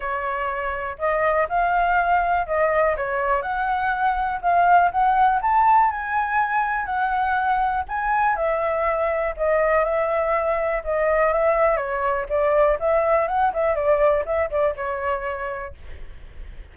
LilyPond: \new Staff \with { instrumentName = "flute" } { \time 4/4 \tempo 4 = 122 cis''2 dis''4 f''4~ | f''4 dis''4 cis''4 fis''4~ | fis''4 f''4 fis''4 a''4 | gis''2 fis''2 |
gis''4 e''2 dis''4 | e''2 dis''4 e''4 | cis''4 d''4 e''4 fis''8 e''8 | d''4 e''8 d''8 cis''2 | }